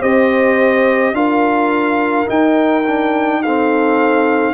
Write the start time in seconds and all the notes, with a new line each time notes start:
0.00 C4 G4 C5 D#5
1.14 D4 F4 A#4 F5
2.27 D#4 G5
2.87 D4
3.43 C4 A4 F5